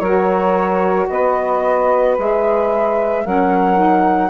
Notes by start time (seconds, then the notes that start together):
0.00 F#3 F#4 A#4 C#5
1.09 B3 B4 D#5
2.19 G#3 G#4 E5
3.25 F#3 C#4 A#4 F#5
3.77 D#4